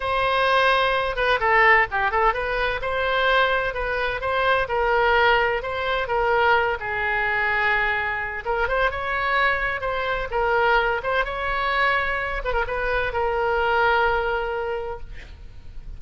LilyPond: \new Staff \with { instrumentName = "oboe" } { \time 4/4 \tempo 4 = 128 c''2~ c''8 b'8 a'4 | g'8 a'8 b'4 c''2 | b'4 c''4 ais'2 | c''4 ais'4. gis'4.~ |
gis'2 ais'8 c''8 cis''4~ | cis''4 c''4 ais'4. c''8 | cis''2~ cis''8 b'16 ais'16 b'4 | ais'1 | }